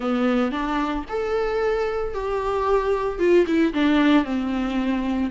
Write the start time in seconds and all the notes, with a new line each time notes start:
0.00 B3
0.51 D4
1.08 A4
2.14 G4
3.19 F4
3.46 E4
3.73 D4
4.24 C4